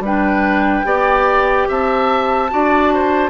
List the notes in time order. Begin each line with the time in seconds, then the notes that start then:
0.00 G3 D4 B4 G5
0.85 B3 G4 D5
1.69 C4 E5 A5
2.50 D4 F#4 D5
2.94 C5